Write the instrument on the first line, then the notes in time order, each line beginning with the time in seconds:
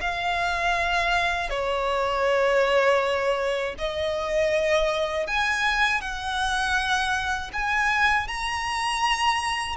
violin
0.00 F5
1.50 C#5
3.78 D#5
5.26 G#5
6.01 F#5
7.52 G#5
8.27 A#5